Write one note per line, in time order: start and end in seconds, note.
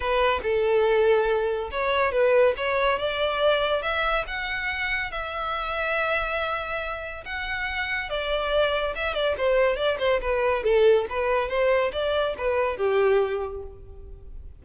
0.00 0.40 B4
0.42 1.70 A4
1.71 2.11 C#5
2.11 2.54 B4
2.56 2.98 C#5
2.98 3.82 D5
3.82 4.24 E5
4.27 5.11 F#5
5.11 7.24 E5
7.25 8.09 F#5
8.09 8.94 D5
8.95 9.14 E5
9.14 9.35 D5
9.37 9.76 C5
9.76 9.97 D5
9.99 10.20 C5
10.21 10.63 B4
10.63 11.06 A4
11.09 11.49 B4
11.49 11.91 C5
11.92 12.34 D5
12.37 12.77 B4
12.77 13.62 G4